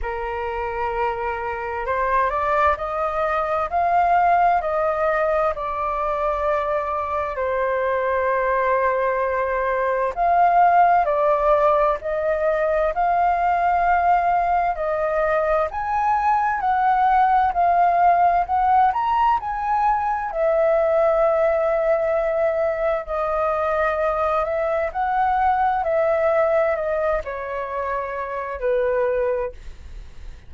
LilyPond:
\new Staff \with { instrumentName = "flute" } { \time 4/4 \tempo 4 = 65 ais'2 c''8 d''8 dis''4 | f''4 dis''4 d''2 | c''2. f''4 | d''4 dis''4 f''2 |
dis''4 gis''4 fis''4 f''4 | fis''8 ais''8 gis''4 e''2~ | e''4 dis''4. e''8 fis''4 | e''4 dis''8 cis''4. b'4 | }